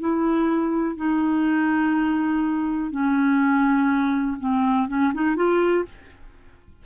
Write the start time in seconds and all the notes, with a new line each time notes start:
0.00 E4
0.97 D#4
2.92 C#4
4.40 C4
4.88 C#4
5.14 D#4
5.36 F4